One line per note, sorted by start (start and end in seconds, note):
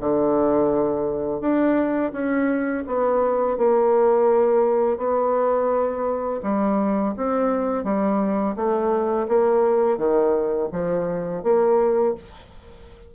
0.00 1.41 D3
1.41 2.12 D4
2.12 2.84 C#4
2.87 3.57 B3
3.57 4.97 A#3
4.97 6.40 B3
6.43 7.14 G3
7.17 7.84 C4
7.84 8.55 G3
8.56 9.27 A3
9.28 9.97 A#3
9.97 10.69 D#3
10.72 11.43 F3
11.43 12.14 A#3